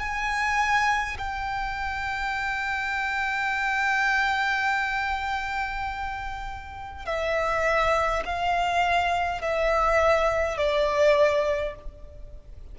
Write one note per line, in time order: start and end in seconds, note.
0.00 1.18 G#5
1.19 7.06 G5
7.06 8.24 E5
8.26 9.42 F5
9.42 10.58 E5
10.58 11.75 D5